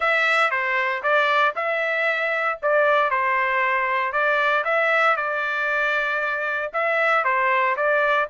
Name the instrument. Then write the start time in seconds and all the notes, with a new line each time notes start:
trumpet
0.00 E5
0.50 C5
1.02 D5
1.55 E5
2.62 D5
3.10 C5
4.12 D5
4.64 E5
5.16 D5
6.73 E5
7.24 C5
7.76 D5